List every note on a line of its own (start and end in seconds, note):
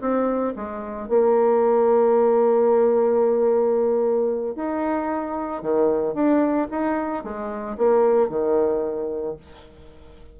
0.00 0.54 C4
0.55 1.08 G#3
1.08 4.55 A#3
4.55 5.62 D#4
5.62 6.14 D#3
6.14 6.67 D4
6.70 7.23 D#4
7.23 7.77 G#3
7.77 8.29 A#3
8.29 9.36 D#3